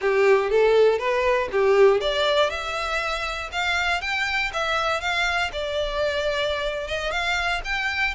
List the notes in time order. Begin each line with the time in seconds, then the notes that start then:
0.01 G4
0.50 A4
0.98 B4
1.51 G4
2.00 D5
2.50 E5
3.52 F5
4.01 G5
4.53 E5
5.00 F5
5.52 D5
6.87 D#5
7.11 F5
7.64 G5